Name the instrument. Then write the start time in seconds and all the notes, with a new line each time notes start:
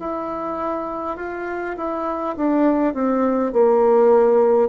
bassoon
0.00 E4
1.17 F4
1.78 E4
2.37 D4
2.94 C4
3.53 A#3